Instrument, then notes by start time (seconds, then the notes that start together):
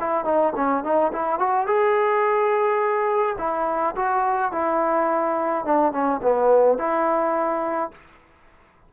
trombone
0.00 E4
0.25 D#4
0.56 C#4
0.84 D#4
1.13 E4
1.39 F#4
1.67 G#4
3.39 E4
3.96 F#4
4.52 E4
5.65 D4
5.93 C#4
6.23 B3
6.78 E4